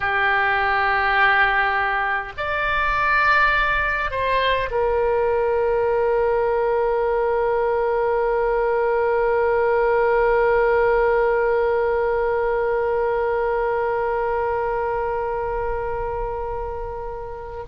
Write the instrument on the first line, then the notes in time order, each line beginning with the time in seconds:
oboe
0.00 G4
2.37 D5
4.11 C5
4.71 A#4